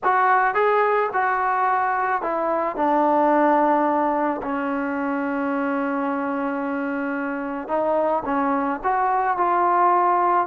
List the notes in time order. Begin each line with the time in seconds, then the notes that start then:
0.03 F#4
0.54 G#4
1.13 F#4
2.21 E4
2.75 D4
4.42 C#4
7.68 D#4
8.25 C#4
8.83 F#4
9.37 F4